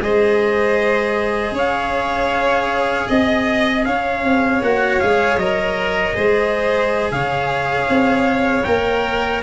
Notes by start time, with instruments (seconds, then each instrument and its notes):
0.00 tuba G#3, cello G#4, violin C5, trumpet D#5
1.51 tuba C#4, violin C#5
1.58 trumpet F5
3.07 tuba C4, violin D#5, trumpet D#5
3.85 tuba C#4, violin C#5, trumpet F5
4.24 tuba C4
4.62 tuba A#3, cello F#4, trumpet F#5
5.00 tuba G#3, cello G#4, trumpet F5
5.36 tuba F#3, cello A#4, trumpet D#5
6.14 tuba G#3, cello G#4, violin C5
7.11 tuba C#3, violin C#5, trumpet F5
7.88 tuba C4
8.63 tuba A#3, cello A#4, trumpet G5